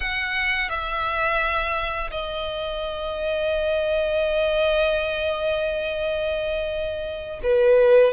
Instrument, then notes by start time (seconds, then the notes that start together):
violin
0.00 F#5
0.69 E5
2.10 D#5
7.43 B4